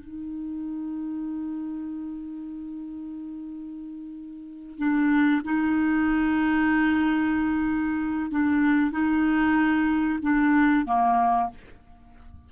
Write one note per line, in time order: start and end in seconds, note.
0.00 4.78 D#4
4.78 5.42 D4
5.45 8.31 D#4
8.31 8.92 D4
8.92 10.20 D#4
10.22 10.86 D4
10.86 11.50 A#3